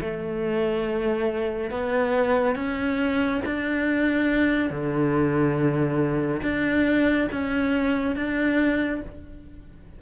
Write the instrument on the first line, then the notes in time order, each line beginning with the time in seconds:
cello
0.00 A3
1.71 B3
2.55 C#4
3.45 D4
4.70 D3
6.42 D4
7.32 C#4
8.15 D4